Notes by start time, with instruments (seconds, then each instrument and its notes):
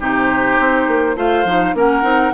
0.00 bassoon C3, clarinet D#4, oboe G4, flute C5
0.59 bassoon C4
0.88 bassoon A#3
1.16 bassoon A3, clarinet F4, oboe C5, flute F5
1.45 bassoon F3, clarinet D#4
1.74 bassoon A#3, clarinet C#4, oboe A#4, flute F#5
2.03 bassoon C4, clarinet D#4